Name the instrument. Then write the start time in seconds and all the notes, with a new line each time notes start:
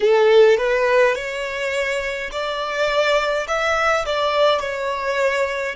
violin
0.00 A4
0.57 B4
1.15 C#5
2.31 D5
3.47 E5
4.05 D5
4.59 C#5